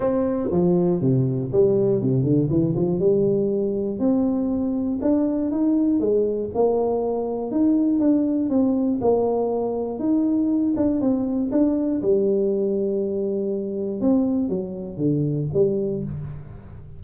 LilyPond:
\new Staff \with { instrumentName = "tuba" } { \time 4/4 \tempo 4 = 120 c'4 f4 c4 g4 | c8 d8 e8 f8 g2 | c'2 d'4 dis'4 | gis4 ais2 dis'4 |
d'4 c'4 ais2 | dis'4. d'8 c'4 d'4 | g1 | c'4 fis4 d4 g4 | }